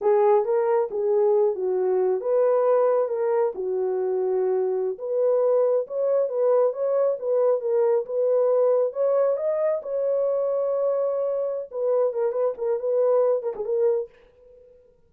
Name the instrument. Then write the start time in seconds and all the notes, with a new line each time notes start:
horn
0.01 G#4
0.44 A#4
0.90 G#4
1.55 F#4
2.21 B4
3.08 A#4
3.54 F#4
4.98 B4
5.87 C#5
6.28 B4
6.72 C#5
7.19 B4
7.61 A#4
8.05 B4
8.92 C#5
9.36 D#5
9.82 C#5
11.71 B4
12.13 A#4
12.31 B4
12.57 A#4
12.79 B4
13.42 A#4
13.55 G#4
13.65 A#4